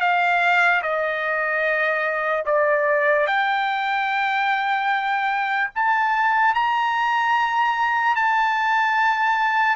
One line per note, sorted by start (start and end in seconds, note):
0.00 0.81 F5
0.82 2.44 D#5
2.45 3.26 D5
3.26 5.69 G5
5.75 6.54 A5
6.54 8.15 A#5
8.15 9.76 A5